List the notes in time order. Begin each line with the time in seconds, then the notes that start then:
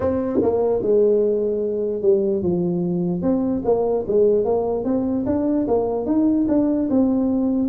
0.00 C4
0.42 A#3
0.82 G#3
2.02 G3
2.42 F3
3.22 C4
3.64 A#3
4.07 G#3
4.44 A#3
4.84 C4
5.26 D4
5.68 A#3
6.06 D#4
6.48 D4
6.90 C4